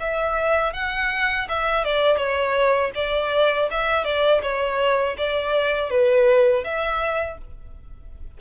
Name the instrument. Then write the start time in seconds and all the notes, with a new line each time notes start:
violin
0.00 E5
0.73 F#5
1.48 E5
1.85 D5
2.17 C#5
2.95 D5
3.71 E5
4.04 D5
4.42 C#5
5.18 D5
5.90 B4
6.64 E5